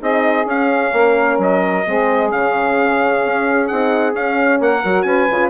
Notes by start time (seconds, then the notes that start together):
0.00 C4 D#4 G#4 D#5
0.45 C#4 F5
0.93 A#3 A#4
1.38 F#3 D#5
1.86 G#3 C4 G#4
2.30 C#3 C#4 F5
3.25 C#4
3.67 C4 D#4 F#5
4.12 C#4 F5
4.60 A#3 A#4 F#5
4.84 F#3 F#4
5.02 C#4 B4 G#5
5.30 C#3 F4